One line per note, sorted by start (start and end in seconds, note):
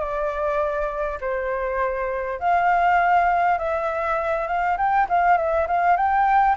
0.00 1.19 D5
1.21 2.40 C5
2.40 3.58 F5
3.58 4.47 E5
4.47 4.77 F5
4.77 5.07 G5
5.09 5.37 F5
5.37 5.67 E5
5.67 5.97 F5
5.97 6.56 G5